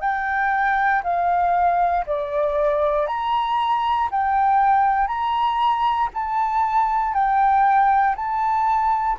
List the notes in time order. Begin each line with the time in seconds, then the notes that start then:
0.00 G5
1.03 F5
2.06 D5
3.06 A#5
4.10 G5
5.07 A#5
6.13 A5
7.13 G5
8.15 A5